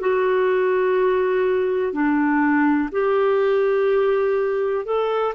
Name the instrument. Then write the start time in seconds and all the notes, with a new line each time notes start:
clarinet
0.00 F#4
1.93 D4
2.92 G4
4.85 A4